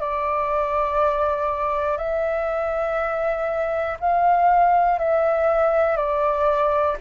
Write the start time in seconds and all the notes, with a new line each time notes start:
0.00 D5
1.97 E5
3.99 F5
4.98 E5
5.96 D5